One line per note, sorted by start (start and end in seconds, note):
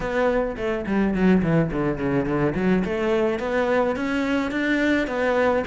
0.00 0.56 B3
0.56 0.85 A3
0.86 1.13 G3
1.13 1.42 F#3
1.42 1.70 E3
1.71 1.98 D3
1.98 2.25 C#3
2.25 2.53 D3
2.55 2.83 F#3
2.84 3.39 A3
3.39 3.95 B3
3.96 4.51 C#4
4.51 5.07 D4
5.07 5.63 B3